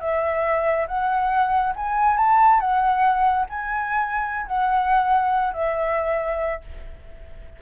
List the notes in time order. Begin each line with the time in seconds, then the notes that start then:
0.00 E5
0.88 F#5
1.76 G#5
2.17 A5
2.60 F#5
3.49 G#5
4.46 F#5
5.53 E5